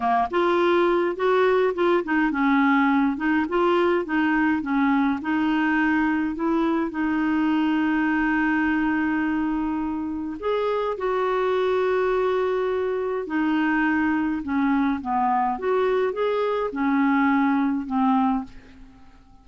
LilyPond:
\new Staff \with { instrumentName = "clarinet" } { \time 4/4 \tempo 4 = 104 ais8 f'4. fis'4 f'8 dis'8 | cis'4. dis'8 f'4 dis'4 | cis'4 dis'2 e'4 | dis'1~ |
dis'2 gis'4 fis'4~ | fis'2. dis'4~ | dis'4 cis'4 b4 fis'4 | gis'4 cis'2 c'4 | }